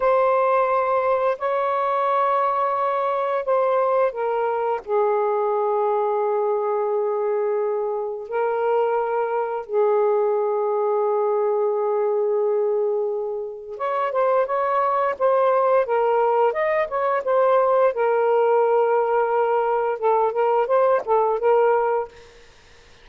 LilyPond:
\new Staff \with { instrumentName = "saxophone" } { \time 4/4 \tempo 4 = 87 c''2 cis''2~ | cis''4 c''4 ais'4 gis'4~ | gis'1 | ais'2 gis'2~ |
gis'1 | cis''8 c''8 cis''4 c''4 ais'4 | dis''8 cis''8 c''4 ais'2~ | ais'4 a'8 ais'8 c''8 a'8 ais'4 | }